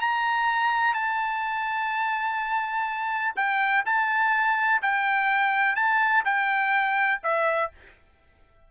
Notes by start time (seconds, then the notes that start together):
0.00 A#5
0.94 A5
3.36 G5
3.85 A5
4.82 G5
5.75 A5
6.24 G5
7.23 E5